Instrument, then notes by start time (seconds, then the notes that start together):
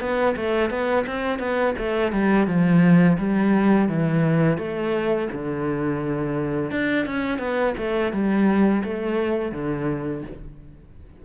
cello
0.00 B3
0.36 A3
0.70 B3
1.07 C4
1.39 B3
1.78 A3
2.12 G3
2.47 F3
3.18 G3
3.89 E3
4.58 A3
5.32 D3
6.71 D4
7.06 C#4
7.39 B3
7.77 A3
8.12 G3
8.84 A3
9.52 D3